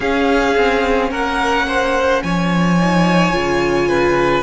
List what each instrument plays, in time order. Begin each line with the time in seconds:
0.00 cello C#4, viola C#4, violin G#4 F5
0.56 cello C4
1.10 cello A#3, violin A#4 F#5
1.67 violin C5
2.22 cello F3, violin C#5 G#5
2.79 viola D#4
3.32 cello C#3, viola F4
3.88 violin B4